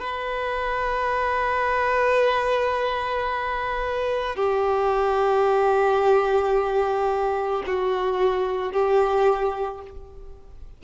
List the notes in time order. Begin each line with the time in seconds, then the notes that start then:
0.00 B4
4.36 G4
7.67 F#4
8.73 G4